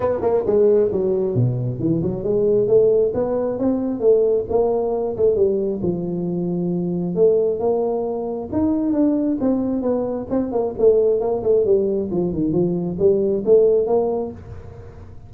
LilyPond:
\new Staff \with { instrumentName = "tuba" } { \time 4/4 \tempo 4 = 134 b8 ais8 gis4 fis4 b,4 | e8 fis8 gis4 a4 b4 | c'4 a4 ais4. a8 | g4 f2. |
a4 ais2 dis'4 | d'4 c'4 b4 c'8 ais8 | a4 ais8 a8 g4 f8 dis8 | f4 g4 a4 ais4 | }